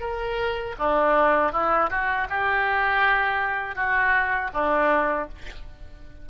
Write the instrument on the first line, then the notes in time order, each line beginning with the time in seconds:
oboe
0.00 A#4
0.78 D4
1.52 E4
1.90 F#4
2.29 G4
3.75 F#4
4.53 D4